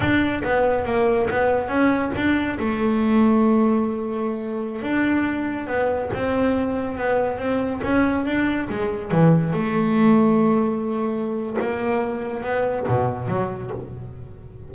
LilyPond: \new Staff \with { instrumentName = "double bass" } { \time 4/4 \tempo 4 = 140 d'4 b4 ais4 b4 | cis'4 d'4 a2~ | a2.~ a16 d'8.~ | d'4~ d'16 b4 c'4.~ c'16~ |
c'16 b4 c'4 cis'4 d'8.~ | d'16 gis4 e4 a4.~ a16~ | a2. ais4~ | ais4 b4 b,4 fis4 | }